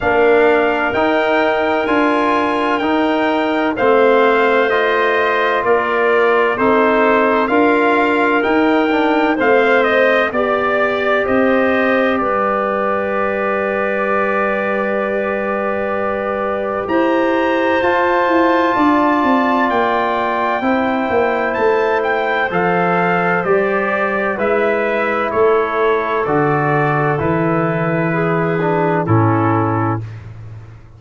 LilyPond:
<<
  \new Staff \with { instrumentName = "trumpet" } { \time 4/4 \tempo 4 = 64 f''4 g''4 gis''4 g''4 | f''4 dis''4 d''4 c''4 | f''4 g''4 f''8 dis''8 d''4 | dis''4 d''2.~ |
d''2 ais''4 a''4~ | a''4 g''2 a''8 g''8 | f''4 d''4 e''4 cis''4 | d''4 b'2 a'4 | }
  \new Staff \with { instrumentName = "clarinet" } { \time 4/4 ais'1 | c''2 ais'4 a'4 | ais'2 c''4 d''4 | c''4 b'2.~ |
b'2 c''2 | d''2 c''2~ | c''2 b'4 a'4~ | a'2 gis'4 e'4 | }
  \new Staff \with { instrumentName = "trombone" } { \time 4/4 d'4 dis'4 f'4 dis'4 | c'4 f'2 dis'4 | f'4 dis'8 d'8 c'4 g'4~ | g'1~ |
g'2. f'4~ | f'2 e'2 | a'4 g'4 e'2 | fis'4 e'4. d'8 cis'4 | }
  \new Staff \with { instrumentName = "tuba" } { \time 4/4 ais4 dis'4 d'4 dis'4 | a2 ais4 c'4 | d'4 dis'4 a4 b4 | c'4 g2.~ |
g2 e'4 f'8 e'8 | d'8 c'8 ais4 c'8 ais8 a4 | f4 g4 gis4 a4 | d4 e2 a,4 | }
>>